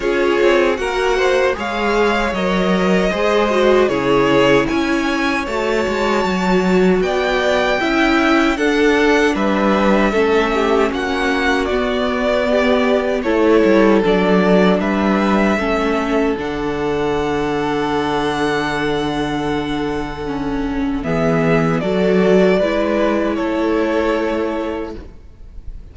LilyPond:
<<
  \new Staff \with { instrumentName = "violin" } { \time 4/4 \tempo 4 = 77 cis''4 fis''4 f''4 dis''4~ | dis''4 cis''4 gis''4 a''4~ | a''4 g''2 fis''4 | e''2 fis''4 d''4~ |
d''4 cis''4 d''4 e''4~ | e''4 fis''2.~ | fis''2. e''4 | d''2 cis''2 | }
  \new Staff \with { instrumentName = "violin" } { \time 4/4 gis'4 ais'8 c''8 cis''2 | c''4 gis'4 cis''2~ | cis''4 d''4 e''4 a'4 | b'4 a'8 g'8 fis'2 |
g'4 a'2 b'4 | a'1~ | a'2. gis'4 | a'4 b'4 a'2 | }
  \new Staff \with { instrumentName = "viola" } { \time 4/4 f'4 fis'4 gis'4 ais'4 | gis'8 fis'8 e'2 fis'4~ | fis'2 e'4 d'4~ | d'4 cis'2 b4~ |
b4 e'4 d'2 | cis'4 d'2.~ | d'2 cis'4 b4 | fis'4 e'2. | }
  \new Staff \with { instrumentName = "cello" } { \time 4/4 cis'8 c'8 ais4 gis4 fis4 | gis4 cis4 cis'4 a8 gis8 | fis4 b4 cis'4 d'4 | g4 a4 ais4 b4~ |
b4 a8 g8 fis4 g4 | a4 d2.~ | d2. e4 | fis4 gis4 a2 | }
>>